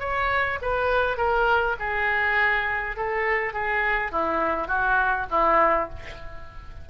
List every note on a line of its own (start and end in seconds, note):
0.00 0.59 C#5
0.62 1.17 B4
1.17 1.76 A#4
1.80 2.97 G#4
2.97 3.53 A4
3.53 4.12 G#4
4.12 4.68 E4
4.68 5.26 F#4
5.31 5.90 E4